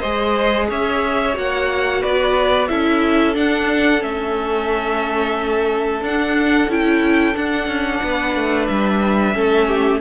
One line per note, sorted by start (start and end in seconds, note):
0.00 0.70 G#3
0.00 1.34 G#4
0.00 0.67 C5
0.00 0.67 D#5
0.69 1.36 C#4
0.69 2.01 C#5
0.69 1.37 E5
1.34 2.02 A#3
1.34 2.67 F#4
1.34 2.02 F#5
2.01 2.69 B3
2.01 2.68 B4
2.01 2.67 D5
2.67 3.36 C#4
2.67 3.34 E4
2.67 8.03 A4
2.67 3.34 E5
3.34 4.00 D4
3.34 4.02 D4
3.34 4.02 F#5
4.00 6.00 A3
4.00 6.00 C#4
4.00 6.02 E5
6.00 6.67 D4
6.00 6.69 D4
6.00 6.71 F#5
6.68 7.34 C#4
6.68 7.34 E4
6.68 7.36 G5
7.34 9.33 D4
7.34 7.67 D4
7.34 8.66 F#5
7.67 8.00 C#4
8.03 8.35 B3
8.03 9.35 B4
8.35 8.68 A3
8.66 9.34 G3
8.66 9.99 E5
9.33 10.01 A3
9.33 10.00 C#4
9.33 9.67 A4
9.67 10.01 G4